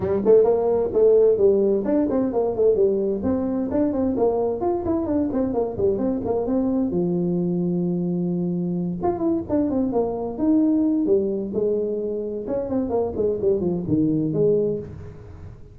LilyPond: \new Staff \with { instrumentName = "tuba" } { \time 4/4 \tempo 4 = 130 g8 a8 ais4 a4 g4 | d'8 c'8 ais8 a8 g4 c'4 | d'8 c'8 ais4 f'8 e'8 d'8 c'8 | ais8 g8 c'8 ais8 c'4 f4~ |
f2.~ f8 f'8 | e'8 d'8 c'8 ais4 dis'4. | g4 gis2 cis'8 c'8 | ais8 gis8 g8 f8 dis4 gis4 | }